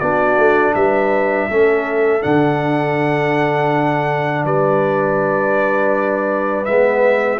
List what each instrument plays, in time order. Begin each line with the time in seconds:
0.00 tuba B3, trombone D4, horn F#4, trumpet D5
0.37 tuba A3
0.75 tuba G3, horn B4, trumpet E5
1.49 tuba A3, trombone C#4, horn A4
2.21 tuba D3, trombone D4, trumpet F#5
4.44 tuba G3, horn B4, trumpet D5
6.65 tuba G#3, trombone B3, trumpet E5